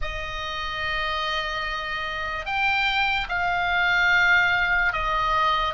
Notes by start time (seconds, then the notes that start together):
0.01 D#5
2.45 G5
3.28 F5
4.92 D#5